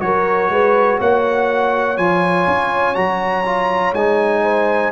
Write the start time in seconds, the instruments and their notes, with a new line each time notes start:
0.00 tuba F#3, trombone F#4, horn A#4, trumpet C#5
0.50 tuba G#3, horn B4
0.99 tuba A#3, horn C#5, trumpet F#5
1.97 tuba F3, trombone F4, trumpet G#5
2.47 tuba C#4
2.95 tuba F#3, trombone F#4, trumpet A#5
3.45 trombone F4
3.93 tuba G#3, trombone D#4, trumpet G#5
4.44 horn C5